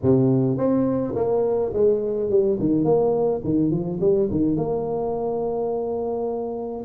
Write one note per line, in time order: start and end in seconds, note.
0.02 0.57 C3
0.57 1.14 C4
1.15 1.72 A#3
1.73 2.29 G#3
2.29 2.58 G3
2.59 2.84 D#3
2.84 3.41 A#3
3.44 3.70 D#3
3.70 3.99 F3
4.00 4.29 G3
4.30 4.56 D#3
4.56 6.84 A#3